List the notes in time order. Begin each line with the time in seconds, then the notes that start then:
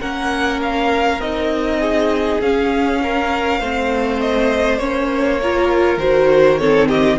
0.00 A#3 C#4 A#4 F#5
0.62 F5
1.20 C4 D#4 D#5
1.80 G#4
2.41 C#4 F5
3.03 A#4
3.60 A3 C4 C5
4.21 D#5
4.79 A#3 C#4 C#5
5.43 F4 A#4
5.98 D#3 F#4 C5
6.58 C4 A4 C#5
6.89 G4 D#5